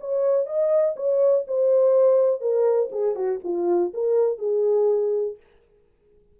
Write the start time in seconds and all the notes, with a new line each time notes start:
0.00 C#5
0.46 D#5
0.96 C#5
1.47 C5
2.41 A#4
2.92 G#4
3.15 F#4
3.44 F4
3.94 A#4
4.38 G#4